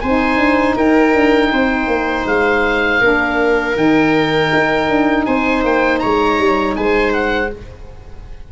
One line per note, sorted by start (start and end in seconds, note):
0.00 0.36 C4
0.00 3.02 D#4
0.00 0.75 C5
0.00 0.75 G#5
0.36 0.74 D4
0.75 1.13 D#4
0.75 1.50 A#4
0.75 2.27 G5
1.14 1.51 D4
1.52 1.87 C4
1.52 3.00 C5
1.87 2.24 A#3
2.25 3.00 G#3
2.25 3.77 F5
3.00 3.75 A#3
3.00 3.74 D4
3.00 5.25 A#4
3.74 4.50 D#3
3.74 7.49 D#4
3.74 5.25 G5
4.53 4.88 D#4
4.88 5.26 D4
5.25 5.64 C4
5.25 6.01 C5
5.25 5.62 G#5
5.64 6.01 A#3
5.64 5.99 G5
5.99 6.38 G#3
5.99 6.76 C#5
5.99 6.74 A#5
6.38 6.76 G3
6.76 7.52 G#3
6.76 7.52 C5
6.76 7.12 G#5
7.12 7.50 F#5